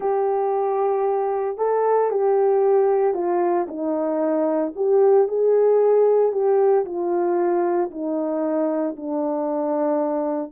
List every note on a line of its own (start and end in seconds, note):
0.00 1.57 G4
1.57 2.10 A4
2.10 3.14 G4
3.14 3.66 F4
3.68 4.73 D#4
4.75 5.28 G4
5.28 6.32 G#4
6.32 6.84 G4
6.85 7.90 F4
7.90 8.95 D#4
8.96 10.52 D4